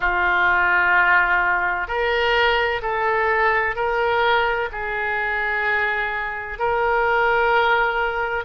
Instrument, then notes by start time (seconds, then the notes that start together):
oboe
0.00 F4
1.87 A#4
2.81 A4
3.75 A#4
4.71 G#4
6.58 A#4